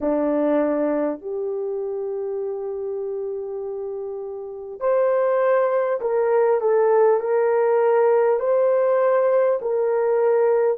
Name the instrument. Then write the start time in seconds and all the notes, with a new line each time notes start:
horn
0.01 D4
1.20 G4
4.80 C5
6.01 A#4
6.61 A4
7.19 A#4
8.39 C5
9.61 A#4